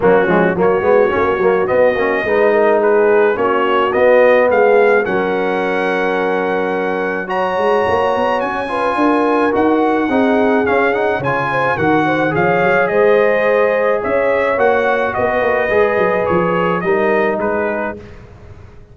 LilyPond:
<<
  \new Staff \with { instrumentName = "trumpet" } { \time 4/4 \tempo 4 = 107 fis'4 cis''2 dis''4~ | dis''4 b'4 cis''4 dis''4 | f''4 fis''2.~ | fis''4 ais''2 gis''4~ |
gis''4 fis''2 f''8 fis''8 | gis''4 fis''4 f''4 dis''4~ | dis''4 e''4 fis''4 dis''4~ | dis''4 cis''4 dis''4 b'4 | }
  \new Staff \with { instrumentName = "horn" } { \time 4/4 cis'4 fis'2. | b'8 ais'8 gis'4 fis'2 | gis'4 ais'2.~ | ais'4 cis''2~ cis''8 b'8 |
ais'2 gis'2 | cis''8 c''8 ais'8 c''8 cis''4 c''4~ | c''4 cis''2 b'4~ | b'2 ais'4 gis'4 | }
  \new Staff \with { instrumentName = "trombone" } { \time 4/4 ais8 gis8 ais8 b8 cis'8 ais8 b8 cis'8 | dis'2 cis'4 b4~ | b4 cis'2.~ | cis'4 fis'2~ fis'8 f'8~ |
f'4 fis'4 dis'4 cis'8 dis'8 | f'4 fis'4 gis'2~ | gis'2 fis'2 | gis'2 dis'2 | }
  \new Staff \with { instrumentName = "tuba" } { \time 4/4 fis8 f8 fis8 gis8 ais8 fis8 b8 ais8 | gis2 ais4 b4 | gis4 fis2.~ | fis4. gis8 ais8 b8 cis'4 |
d'4 dis'4 c'4 cis'4 | cis4 dis4 f8 fis8 gis4~ | gis4 cis'4 ais4 b8 ais8 | gis8 fis8 f4 g4 gis4 | }
>>